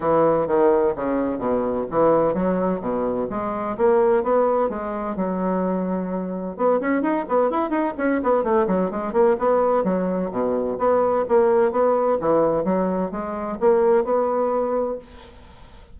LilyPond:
\new Staff \with { instrumentName = "bassoon" } { \time 4/4 \tempo 4 = 128 e4 dis4 cis4 b,4 | e4 fis4 b,4 gis4 | ais4 b4 gis4 fis4~ | fis2 b8 cis'8 dis'8 b8 |
e'8 dis'8 cis'8 b8 a8 fis8 gis8 ais8 | b4 fis4 b,4 b4 | ais4 b4 e4 fis4 | gis4 ais4 b2 | }